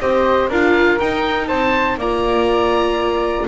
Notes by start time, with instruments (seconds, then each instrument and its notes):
0.00 double bass C4, viola G4, flute C5, oboe D#5
0.49 double bass D4, viola F4, flute A#4, oboe F5
0.99 viola D#4, double bass D#4, oboe G5
1.48 double bass C4, flute C5, oboe A5
1.98 double bass A#3, viola F4, flute D5, oboe A#5